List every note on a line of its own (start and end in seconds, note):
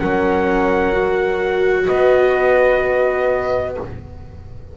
0.00 1.89 F#3
0.00 0.93 C#4
0.00 1.86 A#4
0.00 1.87 F#5
0.93 3.74 F#4
1.86 3.77 B3
1.86 3.74 B4
1.86 3.75 D#5